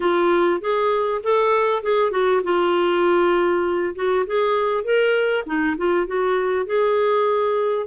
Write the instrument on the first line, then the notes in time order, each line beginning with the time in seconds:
clarinet
0.00 F4
0.61 G#4
1.23 A4
1.83 G#4
2.11 F#4
2.43 F4
3.95 F#4
4.26 G#4
4.83 A#4
5.46 D#4
5.77 F4
6.06 F#4
6.65 G#4